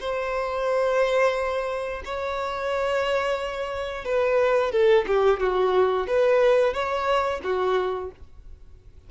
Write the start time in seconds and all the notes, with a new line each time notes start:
0.00 C5
2.05 C#5
4.05 B4
4.72 A4
5.07 G4
5.40 F#4
6.07 B4
6.73 C#5
7.43 F#4